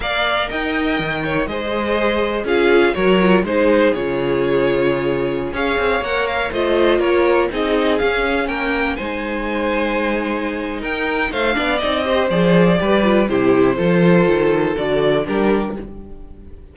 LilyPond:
<<
  \new Staff \with { instrumentName = "violin" } { \time 4/4 \tempo 4 = 122 f''4 g''2 dis''4~ | dis''4 f''4 cis''4 c''4 | cis''2.~ cis''16 f''8.~ | f''16 fis''8 f''8 dis''4 cis''4 dis''8.~ |
dis''16 f''4 g''4 gis''4.~ gis''16~ | gis''2 g''4 f''4 | dis''4 d''2 c''4~ | c''2 d''4 ais'4 | }
  \new Staff \with { instrumentName = "violin" } { \time 4/4 d''4 dis''4. cis''8 c''4~ | c''4 gis'4 ais'4 gis'4~ | gis'2.~ gis'16 cis''8.~ | cis''4~ cis''16 c''4 ais'4 gis'8.~ |
gis'4~ gis'16 ais'4 c''4.~ c''16~ | c''2 ais'4 c''8 d''8~ | d''8 c''4. b'4 g'4 | a'2. g'4 | }
  \new Staff \with { instrumentName = "viola" } { \time 4/4 ais'2. gis'4~ | gis'4 f'4 fis'8 f'8 dis'4 | f'2.~ f'16 gis'8.~ | gis'16 ais'4 f'2 dis'8.~ |
dis'16 cis'2 dis'4.~ dis'16~ | dis'2.~ dis'8 d'8 | dis'8 g'8 gis'4 g'8 f'8 e'4 | f'2 fis'4 d'4 | }
  \new Staff \with { instrumentName = "cello" } { \time 4/4 ais4 dis'4 dis4 gis4~ | gis4 cis'4 fis4 gis4 | cis2.~ cis16 cis'8 c'16~ | c'16 ais4 a4 ais4 c'8.~ |
c'16 cis'4 ais4 gis4.~ gis16~ | gis2 dis'4 a8 b8 | c'4 f4 g4 c4 | f4 dis4 d4 g4 | }
>>